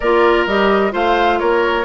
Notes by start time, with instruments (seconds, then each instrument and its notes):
0.00 bassoon A#3, clarinet F4, oboe A#4, flute D5
0.46 bassoon G3, clarinet G4, flute D#5
0.91 bassoon A3, clarinet F4, oboe C5, flute F5
1.39 bassoon A#3, oboe A#4, flute C#5